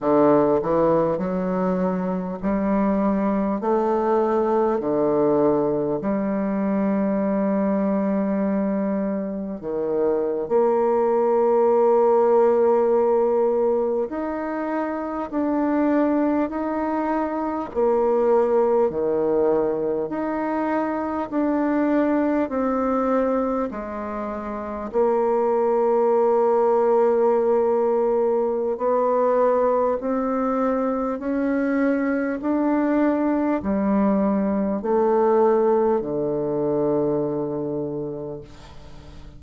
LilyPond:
\new Staff \with { instrumentName = "bassoon" } { \time 4/4 \tempo 4 = 50 d8 e8 fis4 g4 a4 | d4 g2. | dis8. ais2. dis'16~ | dis'8. d'4 dis'4 ais4 dis16~ |
dis8. dis'4 d'4 c'4 gis16~ | gis8. ais2.~ ais16 | b4 c'4 cis'4 d'4 | g4 a4 d2 | }